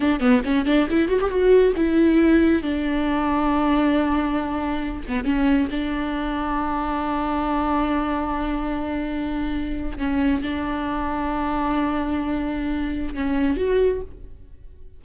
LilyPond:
\new Staff \with { instrumentName = "viola" } { \time 4/4 \tempo 4 = 137 d'8 b8 cis'8 d'8 e'8 fis'16 g'16 fis'4 | e'2 d'2~ | d'2.~ d'8 b8 | cis'4 d'2.~ |
d'1~ | d'2~ d'8. cis'4 d'16~ | d'1~ | d'2 cis'4 fis'4 | }